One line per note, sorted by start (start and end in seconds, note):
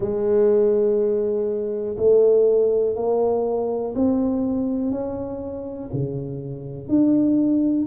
0.00 1.96 G#3
1.97 2.95 A3
2.95 3.93 A#3
3.95 4.91 C4
4.91 5.89 C#4
5.93 6.88 C#3
6.88 7.86 D4